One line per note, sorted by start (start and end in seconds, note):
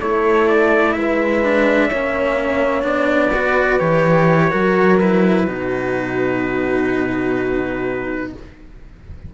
0.00 0.96 A3
0.00 1.43 E4
0.00 0.95 A4
0.00 0.48 C#5
0.48 0.93 D5
0.93 1.91 G#3
0.93 1.89 B4
0.93 2.84 E5
1.43 1.91 D4
1.89 2.84 A#3
1.89 2.82 C#4
1.89 3.32 C#5
2.82 3.79 B3
2.82 3.30 D4
2.82 3.79 D5
3.33 3.80 F#4
3.33 4.51 B4
3.79 4.52 E3
3.79 4.51 G4
3.79 4.98 C#5
4.51 5.48 F#3
4.51 4.99 F#4
4.51 5.46 A#4
5.00 5.48 E4
5.00 8.33 B4
5.46 8.34 B2
5.46 8.33 D#4
5.46 8.32 F#4